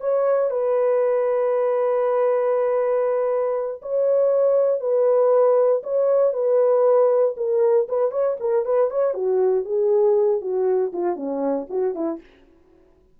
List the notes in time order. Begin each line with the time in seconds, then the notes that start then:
0.00 C#5
0.50 B4
3.81 C#5
4.80 B4
5.83 C#5
6.33 B4
7.36 A#4
7.88 B4
8.11 C#5
8.40 A#4
8.65 B4
8.90 C#5
9.14 F#4
9.65 G#4
10.41 F#4
10.93 F4
11.16 C#4
11.69 F#4
11.94 E4